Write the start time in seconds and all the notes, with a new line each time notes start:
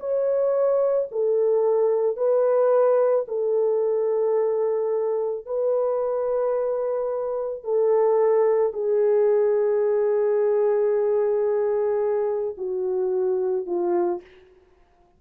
0.00 C#5
1.12 A4
2.17 B4
3.28 A4
5.46 B4
7.64 A4
8.73 G#4
12.58 F#4
13.67 F4